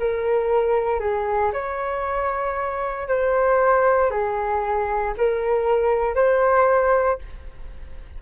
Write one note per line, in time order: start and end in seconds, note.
0.00 1.01 A#4
1.01 1.52 G#4
1.53 3.08 C#5
3.08 4.11 C5
4.11 5.14 G#4
5.18 6.16 A#4
6.16 7.19 C5